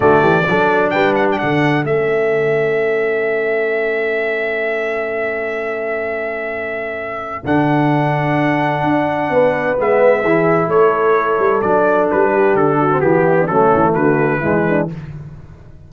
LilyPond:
<<
  \new Staff \with { instrumentName = "trumpet" } { \time 4/4 \tempo 4 = 129 d''2 g''8 fis''16 g''16 fis''4 | e''1~ | e''1~ | e''1 |
fis''1~ | fis''4 e''2 cis''4~ | cis''4 d''4 b'4 a'4 | g'4 a'4 b'2 | }
  \new Staff \with { instrumentName = "horn" } { \time 4/4 fis'8 g'8 a'4 b'4 a'4~ | a'1~ | a'1~ | a'1~ |
a'1 | b'2 gis'4 a'4~ | a'2~ a'8 g'4 fis'8~ | fis'8 e'16 d'16 cis'4 fis'4 e'8 d'8 | }
  \new Staff \with { instrumentName = "trombone" } { \time 4/4 a4 d'2. | cis'1~ | cis'1~ | cis'1 |
d'1~ | d'4 b4 e'2~ | e'4 d'2~ d'8. c'16 | b4 a2 gis4 | }
  \new Staff \with { instrumentName = "tuba" } { \time 4/4 d8 e8 fis4 g4 d4 | a1~ | a1~ | a1 |
d2. d'4 | b4 gis4 e4 a4~ | a8 g8 fis4 g4 d4 | e4 fis8 e8 d4 e4 | }
>>